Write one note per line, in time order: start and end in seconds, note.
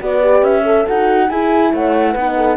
0.00 0.42 B3
0.00 0.21 F#4
0.00 0.62 B4
0.00 0.43 D5
0.22 0.64 G4
0.42 0.85 C#4
0.42 0.86 E5
0.62 1.27 A4
0.62 0.87 A4
0.87 1.30 D#4
0.87 1.31 F#4
0.87 1.30 F#5
1.29 1.73 E4
1.29 2.17 E4
1.29 1.72 G#4
1.29 1.72 G#5
1.73 2.15 A3
1.73 2.11 C#5
1.73 2.57 F#5
2.11 2.57 B3
2.11 2.32 B4
2.18 2.57 D#4
2.36 2.57 A4